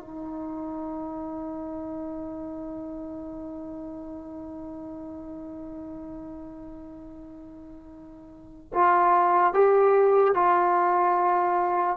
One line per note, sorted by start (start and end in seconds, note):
0.00 8.72 D#4
8.73 9.53 F4
9.53 10.34 G4
10.34 11.96 F4